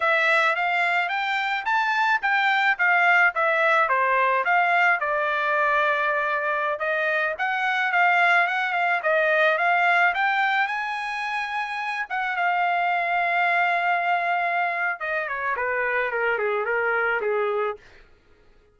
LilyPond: \new Staff \with { instrumentName = "trumpet" } { \time 4/4 \tempo 4 = 108 e''4 f''4 g''4 a''4 | g''4 f''4 e''4 c''4 | f''4 d''2.~ | d''16 dis''4 fis''4 f''4 fis''8 f''16~ |
f''16 dis''4 f''4 g''4 gis''8.~ | gis''4.~ gis''16 fis''8 f''4.~ f''16~ | f''2. dis''8 cis''8 | b'4 ais'8 gis'8 ais'4 gis'4 | }